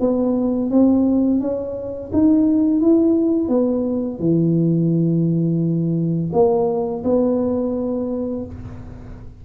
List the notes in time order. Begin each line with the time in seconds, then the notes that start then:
0.00 B3
0.71 C4
1.40 C#4
2.13 D#4
2.81 E4
3.48 B3
4.19 E3
6.33 A#3
7.04 B3